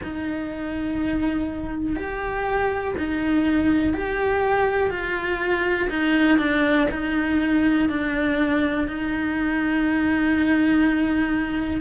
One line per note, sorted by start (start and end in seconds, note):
0.03 1.96 D#4
1.96 2.94 G4
2.97 3.93 D#4
3.93 4.90 G4
4.90 5.88 F4
5.89 6.38 D#4
6.38 6.87 D4
6.90 7.89 D#4
7.89 8.87 D4
8.87 11.80 D#4